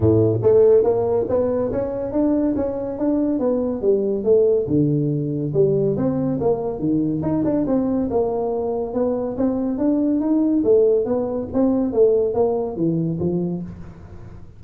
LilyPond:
\new Staff \with { instrumentName = "tuba" } { \time 4/4 \tempo 4 = 141 a,4 a4 ais4 b4 | cis'4 d'4 cis'4 d'4 | b4 g4 a4 d4~ | d4 g4 c'4 ais4 |
dis4 dis'8 d'8 c'4 ais4~ | ais4 b4 c'4 d'4 | dis'4 a4 b4 c'4 | a4 ais4 e4 f4 | }